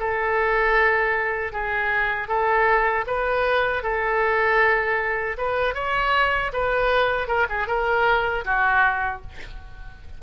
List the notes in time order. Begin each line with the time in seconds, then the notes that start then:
0.00 A4
1.53 G#4
2.28 A4
3.07 B4
3.84 A4
5.38 B4
5.75 C#5
6.53 B4
7.28 A#4
7.50 G#4
7.68 A#4
8.45 F#4